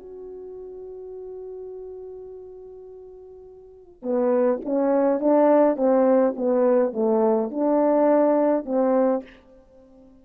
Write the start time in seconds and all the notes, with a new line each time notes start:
0.00 F#4
4.03 B3
4.65 C#4
5.21 D4
5.77 C4
6.36 B3
6.94 A3
7.51 D4
8.66 C4